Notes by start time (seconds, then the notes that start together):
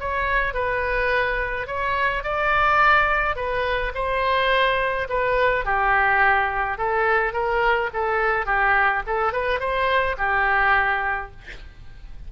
0.00 C#5
0.54 B4
1.67 C#5
2.24 D5
3.36 B4
3.95 C5
5.09 B4
5.65 G4
6.78 A4
7.33 A#4
7.93 A4
8.46 G4
9.07 A4
9.33 B4
9.60 C5
10.18 G4